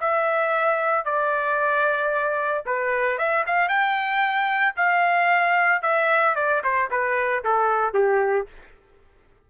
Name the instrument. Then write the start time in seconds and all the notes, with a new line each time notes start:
trumpet
0.00 E5
1.05 D5
2.66 B4
3.18 E5
3.46 F5
3.69 G5
4.76 F5
5.82 E5
6.35 D5
6.64 C5
6.90 B4
7.44 A4
7.94 G4